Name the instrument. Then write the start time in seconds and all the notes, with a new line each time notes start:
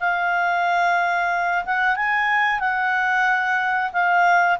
clarinet
0.00 F5
1.65 F#5
1.96 G#5
2.60 F#5
3.92 F5